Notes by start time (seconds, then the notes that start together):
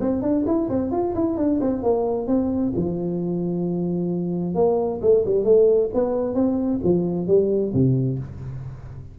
0.00 C4
0.22 D4
0.46 E4
0.69 C4
0.91 F4
1.15 E4
1.37 D4
1.61 C4
1.82 A#3
2.27 C4
2.75 F3
4.55 A#3
5.01 A3
5.25 G3
5.44 A3
5.94 B3
6.34 C4
6.83 F3
7.27 G3
7.73 C3